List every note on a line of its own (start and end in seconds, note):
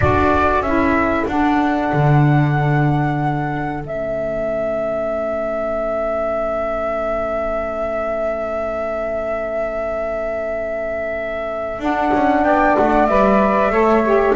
0.00 0.60 D4
0.00 0.65 F#4
0.00 12.45 A4
0.00 0.61 D5
0.60 1.24 C#4
0.60 1.29 E4
0.60 1.25 E5
1.27 1.91 D4
1.27 3.84 D4
1.27 3.83 F#5
1.92 3.83 D3
3.83 11.79 A3
3.83 11.80 C#4
3.83 11.83 E5
11.79 12.11 D4
11.79 13.08 D4
11.79 12.44 F#5
12.13 12.44 C#4
12.44 12.76 B3
12.44 13.72 D5
12.44 12.76 G5
12.76 13.08 A3
12.76 13.06 F#5
13.06 13.70 G3
13.06 13.71 B4
13.06 14.34 E5
13.70 14.33 A3
13.70 14.03 A4
13.70 14.35 C#5
14.05 14.35 G4